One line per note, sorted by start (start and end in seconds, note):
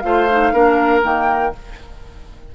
0.00 0.53 A3
0.00 0.28 F4
0.00 0.53 C5
0.00 1.01 F5
0.30 0.54 D#4
0.53 1.03 A#3
0.53 1.02 D4
0.53 1.54 A#4
1.02 1.54 D#3
1.02 1.52 A#3
1.02 1.55 G5